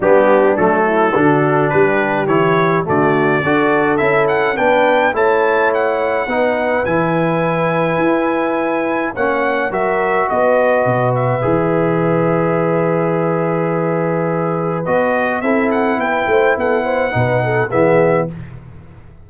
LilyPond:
<<
  \new Staff \with { instrumentName = "trumpet" } { \time 4/4 \tempo 4 = 105 g'4 a'2 b'4 | cis''4 d''2 e''8 fis''8 | g''4 a''4 fis''2 | gis''1 |
fis''4 e''4 dis''4. e''8~ | e''1~ | e''2 dis''4 e''8 fis''8 | g''4 fis''2 e''4 | }
  \new Staff \with { instrumentName = "horn" } { \time 4/4 d'4. e'8 fis'4 g'4~ | g'4 fis'4 a'2 | b'4 cis''2 b'4~ | b'1 |
cis''4 ais'4 b'2~ | b'1~ | b'2. a'4 | b'8 c''8 a'8 c''8 b'8 a'8 gis'4 | }
  \new Staff \with { instrumentName = "trombone" } { \time 4/4 b4 a4 d'2 | e'4 a4 fis'4 e'4 | d'4 e'2 dis'4 | e'1 |
cis'4 fis'2. | gis'1~ | gis'2 fis'4 e'4~ | e'2 dis'4 b4 | }
  \new Staff \with { instrumentName = "tuba" } { \time 4/4 g4 fis4 d4 g4 | e4 d4 d'4 cis'4 | b4 a2 b4 | e2 e'2 |
ais4 fis4 b4 b,4 | e1~ | e2 b4 c'4 | b8 a8 b4 b,4 e4 | }
>>